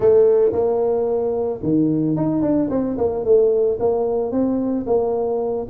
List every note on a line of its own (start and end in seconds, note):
0.00 0.52 A3
0.52 1.60 A#3
1.62 2.16 D#3
2.16 2.42 D#4
2.42 2.69 D4
2.70 2.97 C4
2.97 3.24 A#3
3.24 3.78 A3
3.79 4.31 A#3
4.31 4.85 C4
4.86 5.67 A#3